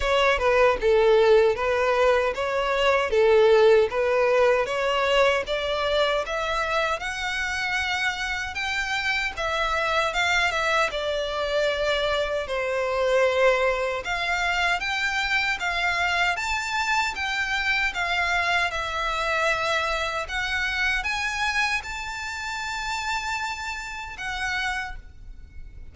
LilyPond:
\new Staff \with { instrumentName = "violin" } { \time 4/4 \tempo 4 = 77 cis''8 b'8 a'4 b'4 cis''4 | a'4 b'4 cis''4 d''4 | e''4 fis''2 g''4 | e''4 f''8 e''8 d''2 |
c''2 f''4 g''4 | f''4 a''4 g''4 f''4 | e''2 fis''4 gis''4 | a''2. fis''4 | }